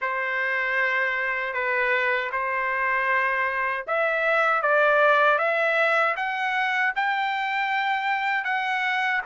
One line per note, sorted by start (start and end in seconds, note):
0.01 1.53 C5
1.53 2.30 B4
2.31 3.85 C5
3.87 4.62 E5
4.62 5.38 D5
5.38 6.15 E5
6.16 6.93 F#5
6.95 8.44 G5
8.44 9.21 F#5